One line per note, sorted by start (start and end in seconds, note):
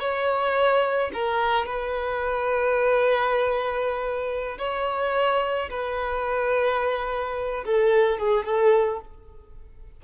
0.00 1.11 C#5
1.14 1.66 A#4
1.66 4.58 B4
4.58 5.69 C#5
5.70 7.65 B4
7.65 8.19 A4
8.19 8.45 G#4
8.45 9.01 A4